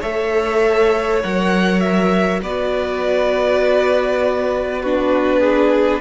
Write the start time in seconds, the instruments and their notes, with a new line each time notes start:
0.00 cello A3, viola A4, violin C#5 E5
1.22 cello F#3, viola A#4, violin F#5
1.80 violin E5
2.42 cello B3, viola F#4, violin B4 D5
4.82 viola D4, violin F#4 B4
5.40 violin G#4